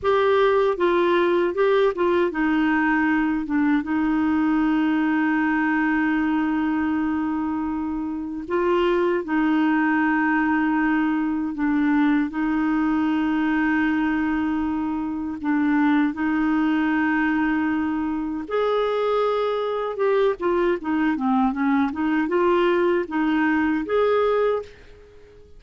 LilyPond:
\new Staff \with { instrumentName = "clarinet" } { \time 4/4 \tempo 4 = 78 g'4 f'4 g'8 f'8 dis'4~ | dis'8 d'8 dis'2.~ | dis'2. f'4 | dis'2. d'4 |
dis'1 | d'4 dis'2. | gis'2 g'8 f'8 dis'8 c'8 | cis'8 dis'8 f'4 dis'4 gis'4 | }